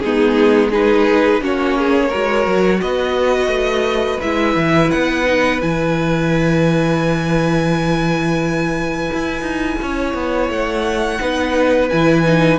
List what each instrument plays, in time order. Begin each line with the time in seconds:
0.00 cello G#3, viola B3, violin D#4 G#4
0.71 viola D#4, violin G#4 B4
1.41 cello A#3, viola C#4, violin F#4 C#5
1.79 violin G#4
2.09 viola F#4, violin A#4
2.16 cello G#3
2.47 cello F#3
2.82 cello B3, violin B4 D#5
3.48 cello A3
4.22 cello G#3, viola E4, violin E5
4.56 cello E3
4.91 cello B3, violin F#5
5.26 viola D#4
5.61 cello E3, viola E4, violin G#5
9.14 cello E4
9.42 cello D#4
9.83 cello C#4, violin C#5
10.15 cello B3
10.50 cello A3, violin F#5
11.20 cello B3, viola D#4, violin B4
11.90 cello E3, viola E4, violin G#5
12.25 viola D#4